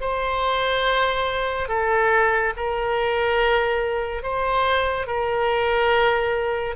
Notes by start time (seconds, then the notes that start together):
0.00 C5
1.68 A4
2.56 A#4
4.23 C5
5.07 A#4